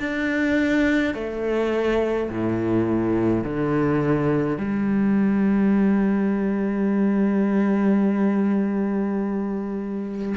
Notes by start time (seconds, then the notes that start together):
0.00 D4
1.15 A3
2.30 A2
3.44 D3
4.58 G3